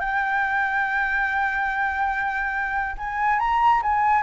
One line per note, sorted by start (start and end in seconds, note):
0.00 2.96 G5
2.98 3.40 G#5
3.40 3.82 A#5
3.83 4.23 G#5